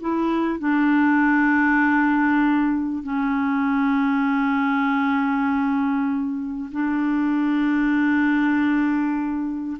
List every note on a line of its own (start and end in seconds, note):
0.00 0.59 E4
0.59 3.03 D4
3.03 6.70 C#4
6.71 9.77 D4